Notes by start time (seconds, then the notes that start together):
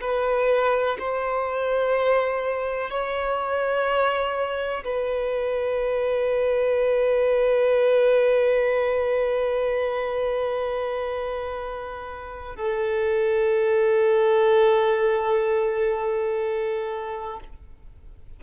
0.00 B4
0.99 C5
2.90 C#5
4.84 B4
12.55 A4